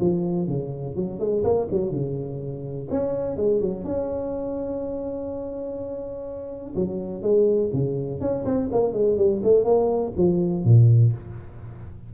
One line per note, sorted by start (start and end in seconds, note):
0.00 0.47 F3
0.47 0.96 C#3
0.96 1.19 F#3
1.19 1.43 G#3
1.43 1.68 A#3
1.71 1.91 F#3
1.91 2.87 C#3
2.91 3.37 C#4
3.37 3.61 G#3
3.61 3.84 F#3
3.84 6.74 C#4
6.75 7.22 F#3
7.22 7.70 G#3
7.73 8.20 C#3
8.20 8.44 C#4
8.45 8.69 C4
8.71 8.93 A#3
8.93 9.17 G#3
9.17 9.41 G3
9.43 9.64 A3
9.64 10.12 A#3
10.17 10.64 F3
10.64 11.12 A#2